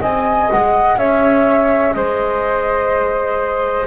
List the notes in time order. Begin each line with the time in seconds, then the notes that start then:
0.00 C4 G#4 D#5 G#5
0.50 G#3 F#5
0.97 C#4 C#5 E5
1.93 G#3 C5 D#5